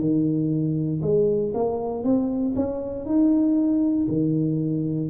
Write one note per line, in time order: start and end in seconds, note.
0.00 1.02 D#3
1.02 1.53 G#3
1.54 2.04 A#3
2.04 2.55 C4
2.56 3.06 C#4
3.06 4.07 D#4
4.08 5.10 D#3